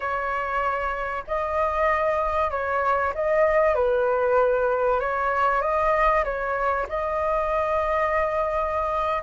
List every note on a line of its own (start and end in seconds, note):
0.00 1.23 C#5
1.27 2.50 D#5
2.50 3.13 C#5
3.14 3.74 D#5
3.74 4.99 B4
5.00 5.61 C#5
5.61 6.24 D#5
6.24 6.86 C#5
6.89 9.22 D#5